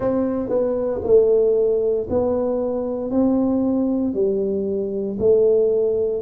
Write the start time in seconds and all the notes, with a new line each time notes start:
0.00 C4
0.49 B3
1.03 A3
2.09 B3
3.10 C4
4.14 G3
5.19 A3